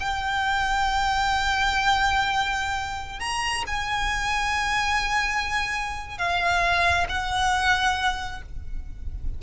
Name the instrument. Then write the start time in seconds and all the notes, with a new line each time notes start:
violin
0.00 G5
3.19 A#5
3.66 G#5
6.18 F5
7.09 F#5